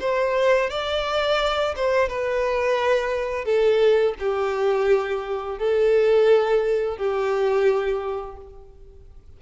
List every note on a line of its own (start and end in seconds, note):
0.00 0.70 C5
0.70 1.75 D5
1.76 2.09 C5
2.09 3.45 B4
3.45 4.14 A4
4.19 5.58 G4
5.58 6.97 A4
6.97 8.37 G4